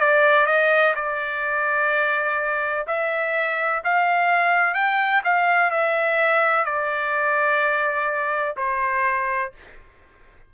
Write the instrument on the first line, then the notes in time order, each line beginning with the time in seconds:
trumpet
0.00 D5
0.46 D#5
0.95 D5
2.87 E5
3.84 F5
4.74 G5
5.24 F5
5.71 E5
6.65 D5
8.57 C5